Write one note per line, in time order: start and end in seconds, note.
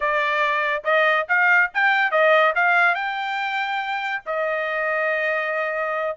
0.00 0.83 D5
0.84 1.26 D#5
1.28 1.71 F5
1.74 2.11 G5
2.11 2.53 D#5
2.55 2.94 F5
2.94 4.22 G5
4.26 6.16 D#5